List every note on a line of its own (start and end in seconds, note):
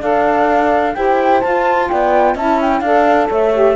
0.00 0.95 D4
0.00 0.94 A4
0.00 0.94 D5
0.00 0.94 F5
0.94 1.43 E4
0.94 1.41 G4
0.94 1.90 C5
0.94 1.40 G5
1.40 2.36 F4
1.40 1.90 F4
1.40 1.87 A5
1.88 2.35 B3
1.88 2.35 D5
1.88 2.35 G5
2.35 2.81 C#4
2.35 2.84 E4
2.35 2.82 E5
2.35 2.60 A5
2.61 2.80 G5
2.80 3.28 D4
2.80 3.53 A4
2.80 3.29 D5
2.80 3.27 F5
3.29 3.76 A3
3.29 3.76 C#5
3.29 3.76 E5
3.53 3.76 G4